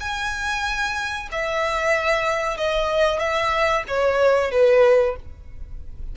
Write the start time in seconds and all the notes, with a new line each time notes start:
0.00 G#5
1.31 E5
2.57 D#5
3.19 E5
3.88 C#5
4.51 B4